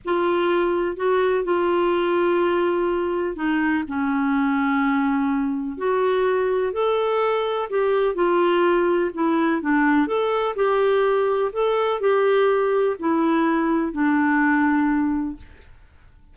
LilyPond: \new Staff \with { instrumentName = "clarinet" } { \time 4/4 \tempo 4 = 125 f'2 fis'4 f'4~ | f'2. dis'4 | cis'1 | fis'2 a'2 |
g'4 f'2 e'4 | d'4 a'4 g'2 | a'4 g'2 e'4~ | e'4 d'2. | }